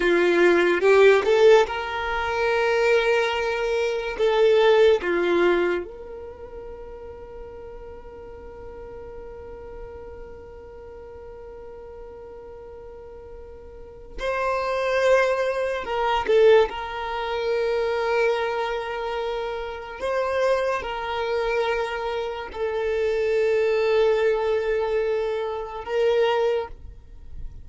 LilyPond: \new Staff \with { instrumentName = "violin" } { \time 4/4 \tempo 4 = 72 f'4 g'8 a'8 ais'2~ | ais'4 a'4 f'4 ais'4~ | ais'1~ | ais'1~ |
ais'4 c''2 ais'8 a'8 | ais'1 | c''4 ais'2 a'4~ | a'2. ais'4 | }